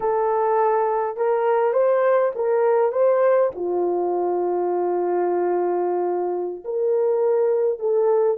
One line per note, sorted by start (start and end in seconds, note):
0.00 1.16 A4
1.17 1.73 A#4
1.73 2.32 C5
2.35 2.92 A#4
2.92 3.51 C5
3.55 6.63 F4
6.64 7.79 A#4
7.79 8.37 A4